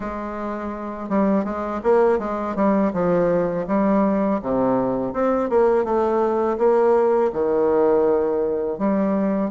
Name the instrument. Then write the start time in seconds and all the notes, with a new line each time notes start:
bassoon
0.00 G#3
1.09 G3
1.44 G#3
1.83 A#3
2.19 G#3
2.55 G3
2.93 F3
3.67 G3
4.42 C3
5.13 C4
5.49 A#3
5.84 A3
6.58 A#3
7.32 D#3
8.78 G3